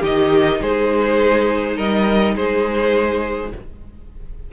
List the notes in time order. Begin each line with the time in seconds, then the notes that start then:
0.00 D#3 D#4 G4 D#5
0.61 G#3 G#4 C5
1.76 G3 A#4 D#5
2.35 G#3 G#4 C5